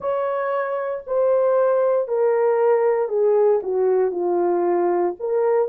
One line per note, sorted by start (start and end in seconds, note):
0.00 1.03 C#5
1.06 2.08 C5
2.08 3.08 A#4
3.08 3.60 G#4
3.62 4.11 F#4
4.11 5.14 F4
5.19 5.68 A#4